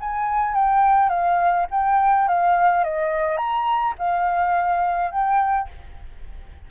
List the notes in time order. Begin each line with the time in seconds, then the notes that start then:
0.00 G#5
0.55 G5
1.09 F5
1.71 G5
2.28 F5
2.84 D#5
3.37 A#5
3.98 F5
5.11 G5